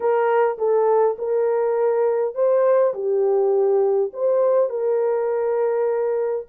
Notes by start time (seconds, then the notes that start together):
0.00 A#4
0.58 A4
1.18 A#4
2.34 C5
2.94 G4
4.13 C5
4.69 A#4